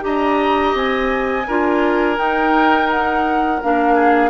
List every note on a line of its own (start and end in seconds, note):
0.00 0.74 D4
0.00 1.43 G4
0.00 1.47 D#5
0.00 0.75 A#5
0.74 1.45 C4
0.74 2.18 G#5
1.47 2.18 D4
1.47 2.16 F4
1.47 3.94 A#4
2.16 3.58 D#4
2.16 3.61 D#4
2.16 2.89 G5
2.90 3.62 F#5
3.62 4.30 A#3
3.62 4.30 D4
3.62 4.30 F5
3.94 4.30 G#4